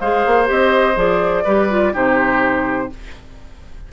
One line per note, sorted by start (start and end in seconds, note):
0.00 0.25 G#3
0.00 0.46 G#4
0.00 1.44 C5
0.00 0.48 F5
0.26 0.50 A#3
0.46 0.96 C4
0.46 0.94 G4
0.46 0.98 D#5
0.95 1.45 F3
0.95 1.44 G#4
0.95 1.95 D5
1.44 1.95 G3
1.44 1.70 G4
1.44 1.93 B4
1.70 1.93 F4
1.93 2.92 C3
1.93 2.90 D#4
1.93 2.90 G4
1.93 2.93 C5